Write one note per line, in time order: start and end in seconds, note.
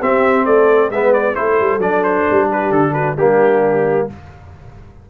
0.00 0.47 C4
0.00 0.92 C4
0.00 0.45 G4
0.00 0.45 E5
0.45 0.91 A3
0.45 0.89 A4
0.45 0.91 D5
0.89 1.36 G#3
0.89 1.35 B3
0.89 1.35 B4
0.89 1.13 E5
1.13 1.35 D5
1.35 1.60 A3
1.35 1.80 E4
1.35 2.48 A4
1.35 1.80 C5
1.60 1.79 G3
1.79 2.24 F#3
1.79 3.16 D4
1.79 2.03 D5
2.03 2.48 C5
2.30 2.70 G3
2.48 2.93 G4
2.48 2.72 B4
2.70 3.15 D3
2.70 2.93 A4
2.93 3.16 F#4
2.93 3.16 B4
3.16 4.06 G3
3.16 4.10 A#3
3.16 4.07 D4
3.16 4.08 G4